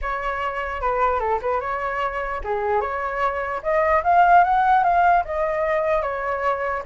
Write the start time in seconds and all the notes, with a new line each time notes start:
0.01 C#5
0.81 B4
1.19 A4
1.41 B4
1.60 C#5
2.44 G#4
2.80 C#5
3.62 D#5
4.03 F5
4.43 F#5
4.83 F5
5.25 D#5
6.02 C#5